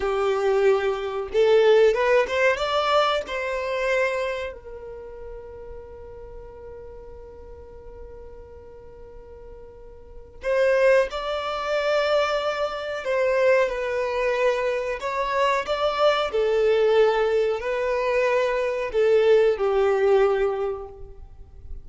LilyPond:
\new Staff \with { instrumentName = "violin" } { \time 4/4 \tempo 4 = 92 g'2 a'4 b'8 c''8 | d''4 c''2 ais'4~ | ais'1~ | ais'1 |
c''4 d''2. | c''4 b'2 cis''4 | d''4 a'2 b'4~ | b'4 a'4 g'2 | }